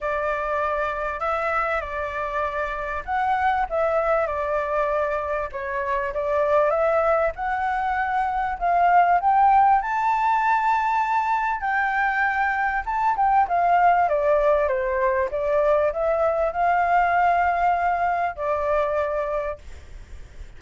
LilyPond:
\new Staff \with { instrumentName = "flute" } { \time 4/4 \tempo 4 = 98 d''2 e''4 d''4~ | d''4 fis''4 e''4 d''4~ | d''4 cis''4 d''4 e''4 | fis''2 f''4 g''4 |
a''2. g''4~ | g''4 a''8 g''8 f''4 d''4 | c''4 d''4 e''4 f''4~ | f''2 d''2 | }